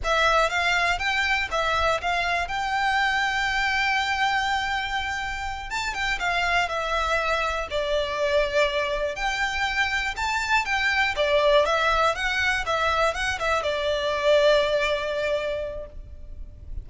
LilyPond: \new Staff \with { instrumentName = "violin" } { \time 4/4 \tempo 4 = 121 e''4 f''4 g''4 e''4 | f''4 g''2.~ | g''2.~ g''8 a''8 | g''8 f''4 e''2 d''8~ |
d''2~ d''8 g''4.~ | g''8 a''4 g''4 d''4 e''8~ | e''8 fis''4 e''4 fis''8 e''8 d''8~ | d''1 | }